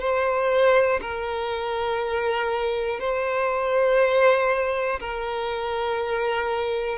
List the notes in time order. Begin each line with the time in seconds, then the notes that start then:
0.00 C5
1.01 A#4
3.00 C5
5.00 A#4